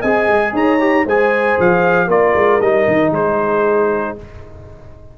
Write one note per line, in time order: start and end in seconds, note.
0.00 0.28 C4
0.00 0.79 G#4
0.00 0.52 D#5
0.00 0.53 G#5
0.28 0.53 G#3
0.53 1.04 D#4
0.53 1.04 C#5
0.53 1.07 A#5
0.79 1.05 G4
1.05 1.57 G#3
1.05 2.08 G#4
1.05 2.06 C5
1.05 1.60 G#5
1.59 2.08 F3
1.59 2.10 F5
2.06 2.34 A#3
2.06 2.60 F4
2.06 3.10 A#4
2.06 2.61 D5
2.34 2.60 G#3
2.60 2.86 G3
2.60 4.18 D#4
2.60 3.12 D#5
2.87 3.11 D#3
3.11 4.14 G#3
3.11 4.15 G#4
3.11 4.17 C5